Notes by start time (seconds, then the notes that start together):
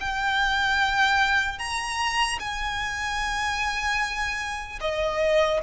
0.00 G5
1.58 A#5
2.39 G#5
4.80 D#5